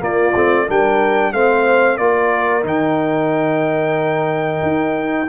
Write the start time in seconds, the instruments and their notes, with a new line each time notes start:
0.00 trombone A#3, tuba A#3, horn F4, trumpet D5
0.35 tuba A3, trombone C4
0.65 tuba G3, trombone D4, horn A#4
0.71 trumpet G5
1.33 tuba A3, trombone C4, horn C5, trumpet F5
1.98 tuba A#3, trombone F4, horn A#4, trumpet D5
2.63 tuba D#3, trombone D#4, trumpet G5
4.63 tuba D#4